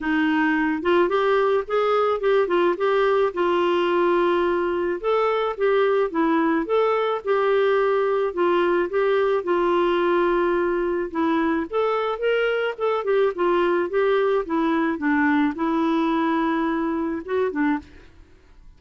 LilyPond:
\new Staff \with { instrumentName = "clarinet" } { \time 4/4 \tempo 4 = 108 dis'4. f'8 g'4 gis'4 | g'8 f'8 g'4 f'2~ | f'4 a'4 g'4 e'4 | a'4 g'2 f'4 |
g'4 f'2. | e'4 a'4 ais'4 a'8 g'8 | f'4 g'4 e'4 d'4 | e'2. fis'8 d'8 | }